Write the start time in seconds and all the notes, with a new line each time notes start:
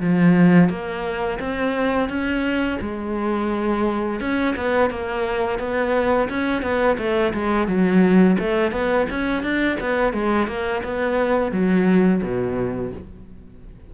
0.00 F3
0.69 A#3
1.39 C4
2.09 C#4
2.81 G#3
4.20 C#4
4.56 B3
4.90 A#3
5.59 B3
6.29 C#4
6.62 B3
6.98 A3
7.33 G#3
7.67 F#3
8.38 A3
8.71 B3
9.10 C#4
9.43 D4
9.80 B3
10.13 G#3
10.47 A#3
10.83 B3
11.52 F#3
12.22 B2